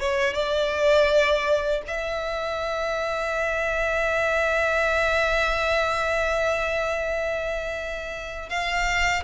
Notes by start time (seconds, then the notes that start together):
0.00 C#5
0.34 D5
1.87 E5
8.49 F5